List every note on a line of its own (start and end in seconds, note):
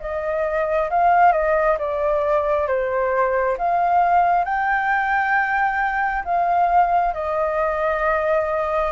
0.00 0.90 D#5
0.90 1.32 F5
1.32 1.77 D#5
1.79 2.67 D5
2.67 3.57 C5
3.58 4.45 F5
4.45 6.24 G5
6.24 7.14 F5
7.14 8.92 D#5